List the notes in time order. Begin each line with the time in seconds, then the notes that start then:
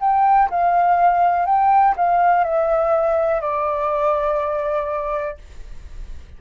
0.00 G5
0.50 F5
1.46 G5
1.96 F5
2.44 E5
3.41 D5